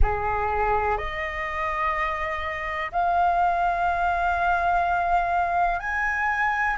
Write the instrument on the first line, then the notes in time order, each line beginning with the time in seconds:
flute
0.01 G#4
0.97 D#5
2.92 F5
5.79 G#5